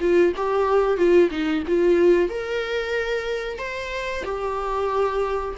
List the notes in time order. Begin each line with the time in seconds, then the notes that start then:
0.00 F4
0.36 G4
0.97 F4
1.30 D#4
1.67 F4
2.29 A#4
3.58 C5
4.24 G4